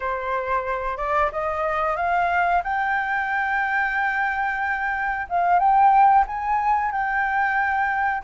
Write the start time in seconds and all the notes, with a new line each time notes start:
0.00 C5
0.97 D5
1.32 D#5
1.96 F5
2.63 G5
5.29 F5
5.59 G5
6.26 G#5
6.91 G5